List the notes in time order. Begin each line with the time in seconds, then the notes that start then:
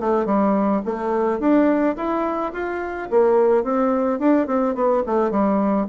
0.00 A3
0.26 G3
0.85 A3
1.40 D4
1.97 E4
2.53 F4
3.10 A#3
3.64 C4
4.20 D4
4.47 C4
4.75 B3
5.06 A3
5.31 G3